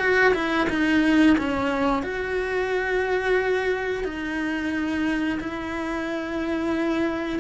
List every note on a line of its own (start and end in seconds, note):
0.00 0.34 F#4
0.35 0.68 E4
0.70 1.37 D#4
1.39 2.03 C#4
2.03 4.05 F#4
4.05 5.40 D#4
5.41 7.40 E4